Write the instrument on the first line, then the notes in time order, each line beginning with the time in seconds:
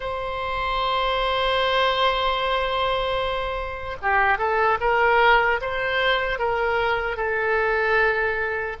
oboe
0.00 C5
4.01 G4
4.38 A4
4.80 A#4
5.61 C5
6.39 A#4
7.16 A4